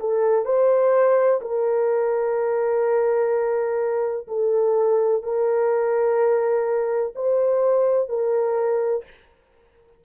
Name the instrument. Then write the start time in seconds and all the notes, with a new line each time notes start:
horn
0.00 A4
0.45 C5
1.42 A#4
4.28 A4
5.23 A#4
7.16 C5
8.09 A#4